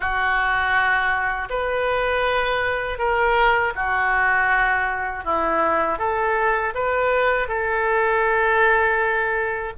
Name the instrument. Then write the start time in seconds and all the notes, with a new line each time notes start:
oboe
0.00 F#4
1.49 B4
2.98 A#4
3.75 F#4
5.24 E4
5.98 A4
6.74 B4
7.48 A4